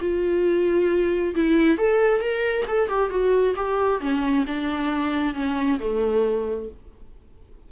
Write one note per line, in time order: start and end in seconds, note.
0.00 1.34 F4
1.35 1.77 E4
1.77 2.20 A4
2.20 2.65 A#4
2.67 2.88 A4
2.88 3.09 G4
3.09 3.54 F#4
3.56 4.00 G4
4.00 4.45 C#4
4.46 5.34 D4
5.34 5.78 C#4
5.79 6.69 A3